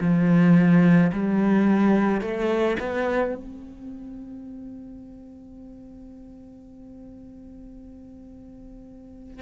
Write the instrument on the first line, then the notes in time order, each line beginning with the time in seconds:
cello
0.00 F3
1.12 G3
2.21 A3
2.79 B3
3.34 C4